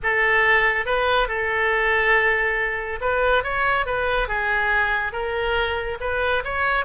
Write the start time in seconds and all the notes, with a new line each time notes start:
0.02 A4
0.85 B4
1.28 A4
3.00 B4
3.43 C#5
3.86 B4
4.28 G#4
5.12 A#4
6.00 B4
6.44 C#5